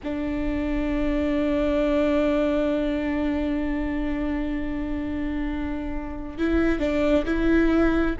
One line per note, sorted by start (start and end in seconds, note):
0.03 6.38 D4
6.38 6.79 E4
6.79 7.24 D4
7.25 8.16 E4